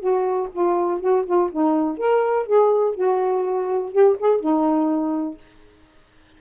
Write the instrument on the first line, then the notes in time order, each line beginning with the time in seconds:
saxophone
0.00 F#4
0.53 F4
1.01 F#4
1.26 F4
1.52 D#4
1.98 A#4
2.47 G#4
2.95 F#4
3.93 G4
4.20 G#4
4.41 D#4